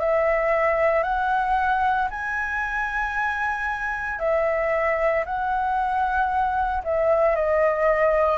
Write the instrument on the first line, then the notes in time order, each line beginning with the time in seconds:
flute
0.00 E5
1.03 F#5
2.11 G#5
4.19 E5
5.25 F#5
6.84 E5
7.35 D#5